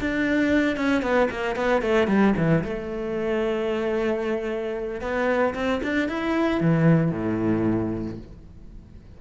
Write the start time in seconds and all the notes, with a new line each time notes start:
0.00 D4
0.76 C#4
1.02 B3
1.30 A#3
1.55 B3
1.81 A3
2.07 G3
2.37 E3
2.63 A3
5.01 B3
5.54 C4
5.83 D4
6.08 E4
6.60 E3
7.11 A2